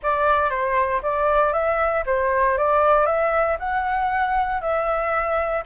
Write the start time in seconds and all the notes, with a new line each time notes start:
0.03 D5
0.50 C5
1.02 D5
1.52 E5
2.06 C5
2.57 D5
3.06 E5
3.59 F#5
4.61 E5